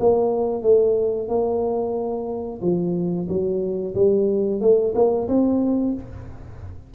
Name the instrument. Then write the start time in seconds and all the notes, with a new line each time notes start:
tuba
0.00 A#3
0.63 A3
1.29 A#3
2.62 F3
3.29 F#3
3.95 G3
4.61 A3
4.95 A#3
5.28 C4